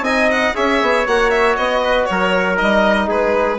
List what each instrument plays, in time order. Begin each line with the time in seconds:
0.00 bassoon C4, trombone D#4, trumpet D#5, violin G#5
0.31 violin F#5
0.54 bassoon C#4, trombone G#4, trumpet C#5, violin E5
0.81 bassoon B3
1.06 bassoon A#3, trombone F#4, violin F#5
1.30 violin E5
1.56 bassoon B3, violin D#5
1.82 trumpet B4
2.05 bassoon F#3, violin C#5
2.11 trumpet A#4
2.56 bassoon G3, trombone D#4, violin D#5
3.07 bassoon G#3, trumpet G#4, violin B4